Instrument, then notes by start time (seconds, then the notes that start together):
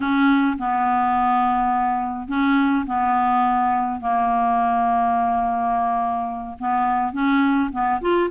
clarinet
0.00 C#4
0.58 B3
2.28 C#4
2.86 B3
4.00 A#3
6.59 B3
7.12 C#4
7.72 B3
8.01 F4